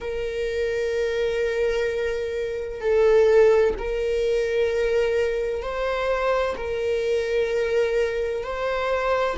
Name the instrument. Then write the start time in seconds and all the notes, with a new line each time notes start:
viola
0.00 A#4
2.80 A4
3.78 A#4
5.62 C5
6.57 A#4
8.43 C5